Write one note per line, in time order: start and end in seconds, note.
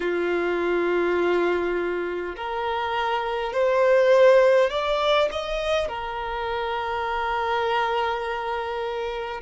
0.00 2.35 F4
2.36 3.52 A#4
3.52 4.70 C5
4.70 5.28 D5
5.32 5.88 D#5
5.88 9.41 A#4